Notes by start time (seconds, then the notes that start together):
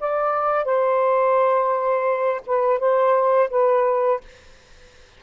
0.00 D5
0.64 C5
2.46 B4
2.79 C5
3.50 B4